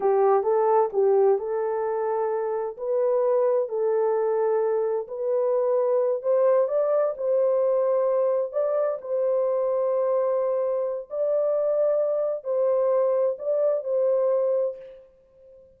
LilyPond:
\new Staff \with { instrumentName = "horn" } { \time 4/4 \tempo 4 = 130 g'4 a'4 g'4 a'4~ | a'2 b'2 | a'2. b'4~ | b'4. c''4 d''4 c''8~ |
c''2~ c''8 d''4 c''8~ | c''1 | d''2. c''4~ | c''4 d''4 c''2 | }